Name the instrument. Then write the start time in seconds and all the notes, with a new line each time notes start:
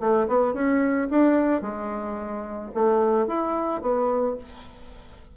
bassoon
0.00 A3
0.28 B3
0.54 C#4
1.10 D4
1.62 G#3
2.74 A3
3.27 E4
3.82 B3